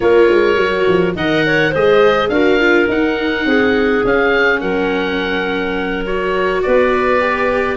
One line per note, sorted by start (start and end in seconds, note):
0.00 0.29 A#3
0.00 0.56 F4
0.00 1.15 A#4
0.00 1.12 C#5
0.29 0.56 G#3
0.56 0.85 F#3
0.56 1.14 F#4
0.87 1.15 F3
1.15 1.72 D#3
1.15 1.73 A#4
1.15 1.44 D#5
1.15 1.74 F#5
1.46 1.70 C#5
1.70 2.28 G#3
1.70 2.31 G#4
1.70 2.28 C5
1.70 2.29 D#5
2.28 2.86 D4
2.28 2.59 F#4
2.28 3.46 A#4
2.28 2.86 F5
2.59 2.88 F4
2.88 3.45 D#4
2.88 4.05 D#4
2.88 4.06 F#5
3.45 4.03 C4
3.45 4.60 G#4
4.04 4.61 C#4
4.04 6.06 C#4
4.04 4.60 F5
4.60 6.63 F#3
4.60 6.62 A#4
4.60 6.04 F#5
6.06 7.19 F#4
6.06 6.62 C#5
6.62 7.77 B3
6.62 7.77 B4
6.62 7.77 D5
7.19 7.77 G4